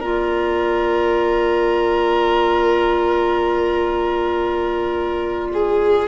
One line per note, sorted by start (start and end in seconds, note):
0.00 6.08 A#3
0.00 6.08 F4
0.00 5.48 A#4
0.00 6.06 D5
5.53 6.08 G#4